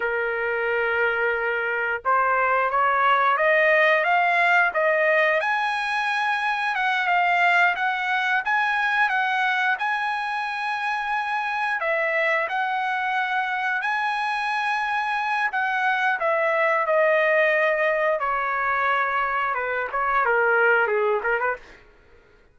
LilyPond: \new Staff \with { instrumentName = "trumpet" } { \time 4/4 \tempo 4 = 89 ais'2. c''4 | cis''4 dis''4 f''4 dis''4 | gis''2 fis''8 f''4 fis''8~ | fis''8 gis''4 fis''4 gis''4.~ |
gis''4. e''4 fis''4.~ | fis''8 gis''2~ gis''8 fis''4 | e''4 dis''2 cis''4~ | cis''4 b'8 cis''8 ais'4 gis'8 ais'16 b'16 | }